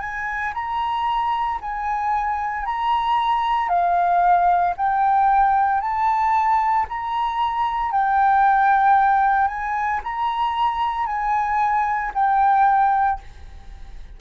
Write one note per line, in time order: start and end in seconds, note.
0.00 0.53 G#5
0.54 1.59 A#5
1.61 2.66 G#5
2.66 3.68 A#5
3.68 4.74 F5
4.77 5.81 G5
5.81 6.86 A5
6.89 7.91 A#5
7.91 9.47 G5
9.47 10.00 G#5
10.03 11.06 A#5
11.06 12.11 G#5
12.14 13.20 G5